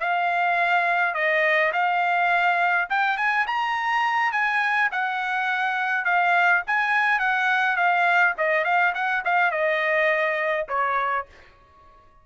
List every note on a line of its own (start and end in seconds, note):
0.00 1.14 F5
1.14 1.72 D#5
1.73 2.88 F5
2.90 3.17 G5
3.17 3.46 G#5
3.47 4.32 A#5
4.32 4.90 G#5
4.91 6.05 F#5
6.05 6.62 F5
6.67 7.19 G#5
7.19 7.76 F#5
7.76 8.34 F5
8.38 8.64 D#5
8.64 8.93 F5
8.94 9.23 F#5
9.25 9.51 F5
9.51 10.67 D#5
10.68 11.26 C#5